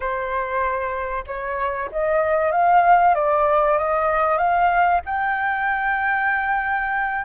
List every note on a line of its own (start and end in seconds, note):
0.00 1.24 C5
1.26 1.89 C#5
1.91 2.51 D#5
2.51 3.14 F5
3.14 3.78 D5
3.78 4.37 D#5
4.37 5.01 F5
5.05 7.24 G5